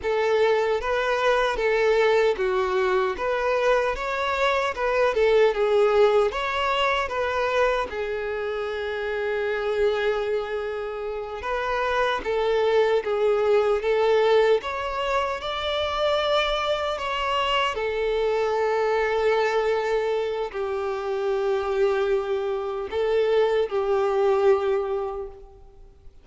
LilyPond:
\new Staff \with { instrumentName = "violin" } { \time 4/4 \tempo 4 = 76 a'4 b'4 a'4 fis'4 | b'4 cis''4 b'8 a'8 gis'4 | cis''4 b'4 gis'2~ | gis'2~ gis'8 b'4 a'8~ |
a'8 gis'4 a'4 cis''4 d''8~ | d''4. cis''4 a'4.~ | a'2 g'2~ | g'4 a'4 g'2 | }